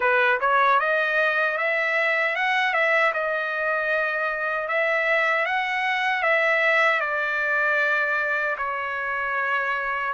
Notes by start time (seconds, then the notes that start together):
0.00 B4
0.40 C#5
0.79 D#5
1.57 E5
2.35 F#5
2.73 E5
3.13 D#5
4.68 E5
5.45 F#5
6.22 E5
7.00 D5
8.57 C#5